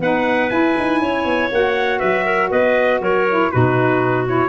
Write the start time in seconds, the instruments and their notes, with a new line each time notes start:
0.00 tuba B3, saxophone D#4, clarinet B4, trumpet F#5
0.50 saxophone E4, tuba E4, trumpet G#5
0.79 tuba D#4
1.02 tuba C#4, clarinet C#5
1.25 tuba B3
1.52 tuba A#3, saxophone F#4, trumpet F#5
1.99 tuba F#3, clarinet B4, trumpet E5
2.26 clarinet A#4
2.51 tuba B3, clarinet B4, trumpet D#5
3.01 tuba F#3, clarinet A#4, trumpet C#5
3.29 saxophone E4
3.51 tuba B2, saxophone D#4, clarinet F#4, trumpet B4
4.27 saxophone E4, trumpet C#5